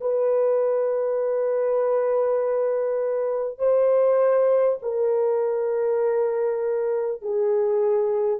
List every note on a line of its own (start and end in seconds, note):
0.00 3.58 B4
3.58 4.78 C5
4.82 7.22 A#4
7.22 8.39 G#4